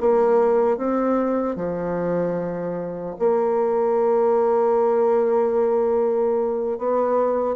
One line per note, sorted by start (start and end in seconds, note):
0.00 0.77 A#3
0.77 1.55 C4
1.55 3.15 F3
3.19 6.78 A#3
6.78 7.56 B3